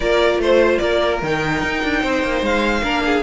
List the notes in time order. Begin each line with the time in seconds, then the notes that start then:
0.00 A#3 F4 A#4 D5
0.37 A3 C5
0.78 A#3 A#4 D5
1.22 D#3 D#4 G5
1.62 D#4
1.83 D4
2.01 C4 C5
2.23 A#3
2.41 G#3 F5
2.82 A#3 D4 A#4
3.05 G#4